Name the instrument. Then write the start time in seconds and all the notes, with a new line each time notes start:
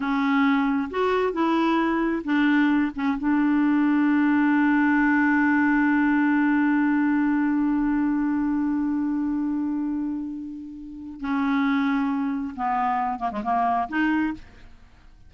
clarinet
0.00 C#4
0.90 F#4
1.32 E4
2.24 D4
2.95 C#4
3.18 D4
11.20 C#4
12.56 B3
13.19 A#3
13.31 G#3
13.43 A#3
13.88 D#4